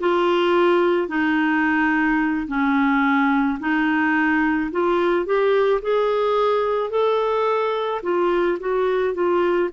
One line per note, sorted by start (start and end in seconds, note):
0.00 1.08 F4
1.08 2.47 D#4
2.47 3.59 C#4
3.60 4.71 D#4
4.71 5.26 F4
5.26 5.81 G4
5.82 6.90 G#4
6.90 8.01 A4
8.03 8.58 F4
8.60 9.14 F#4
9.14 9.70 F4